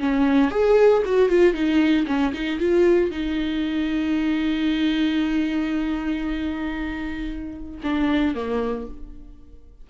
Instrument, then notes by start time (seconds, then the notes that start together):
viola
0.00 C#4
0.51 G#4
1.06 F#4
1.30 F4
1.54 D#4
2.07 C#4
2.34 D#4
2.60 F4
3.11 D#4
7.84 D4
8.35 A#3